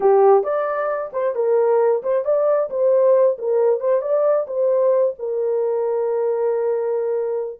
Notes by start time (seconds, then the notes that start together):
0.00 G4
0.43 D5
1.12 C5
1.35 A#4
2.02 C5
2.24 D5
2.70 C5
3.38 A#4
3.80 C5
4.01 D5
4.47 C5
5.19 A#4